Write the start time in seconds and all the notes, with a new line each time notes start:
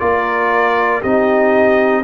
0.00 A#3 F4 A#4 D5
1.01 C4 D#4 G4 D#5